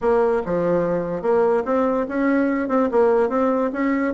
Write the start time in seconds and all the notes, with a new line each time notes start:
0.01 A#3
0.45 F3
1.22 A#3
1.65 C4
2.08 C#4
2.68 C4
2.91 A#3
3.29 C4
3.72 C#4